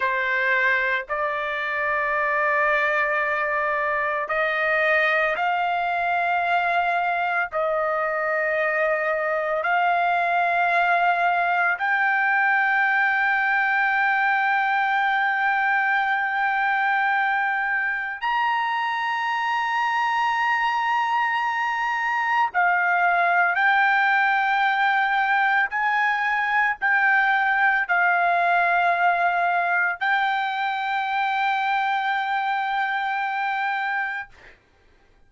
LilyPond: \new Staff \with { instrumentName = "trumpet" } { \time 4/4 \tempo 4 = 56 c''4 d''2. | dis''4 f''2 dis''4~ | dis''4 f''2 g''4~ | g''1~ |
g''4 ais''2.~ | ais''4 f''4 g''2 | gis''4 g''4 f''2 | g''1 | }